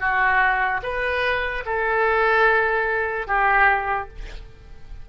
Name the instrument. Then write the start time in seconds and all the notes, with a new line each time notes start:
oboe
0.00 F#4
0.83 B4
1.66 A4
3.28 G4